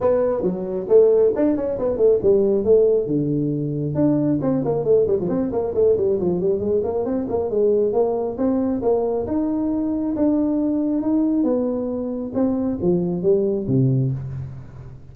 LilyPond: \new Staff \with { instrumentName = "tuba" } { \time 4/4 \tempo 4 = 136 b4 fis4 a4 d'8 cis'8 | b8 a8 g4 a4 d4~ | d4 d'4 c'8 ais8 a8 g16 f16 | c'8 ais8 a8 g8 f8 g8 gis8 ais8 |
c'8 ais8 gis4 ais4 c'4 | ais4 dis'2 d'4~ | d'4 dis'4 b2 | c'4 f4 g4 c4 | }